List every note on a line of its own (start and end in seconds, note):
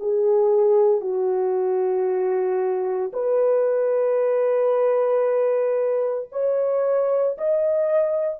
0.00 1.01 G#4
1.01 3.12 F#4
3.13 6.29 B4
6.32 7.37 C#5
7.38 8.40 D#5